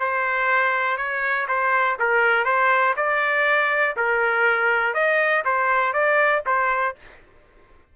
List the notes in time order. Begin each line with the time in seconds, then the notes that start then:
0.00 C5
0.97 C#5
1.49 C5
2.00 A#4
2.45 C5
2.97 D5
3.97 A#4
4.94 D#5
5.45 C5
5.93 D5
6.46 C5